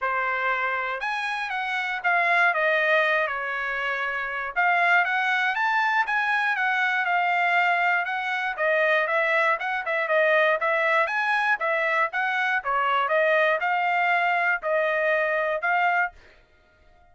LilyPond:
\new Staff \with { instrumentName = "trumpet" } { \time 4/4 \tempo 4 = 119 c''2 gis''4 fis''4 | f''4 dis''4. cis''4.~ | cis''4 f''4 fis''4 a''4 | gis''4 fis''4 f''2 |
fis''4 dis''4 e''4 fis''8 e''8 | dis''4 e''4 gis''4 e''4 | fis''4 cis''4 dis''4 f''4~ | f''4 dis''2 f''4 | }